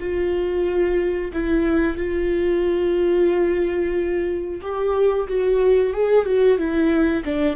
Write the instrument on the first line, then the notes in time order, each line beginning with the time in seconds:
viola
0.00 F4
1.34 E4
1.98 F4
4.62 G4
5.28 F#4
5.94 G#4
6.26 F#4
6.58 E4
7.25 D4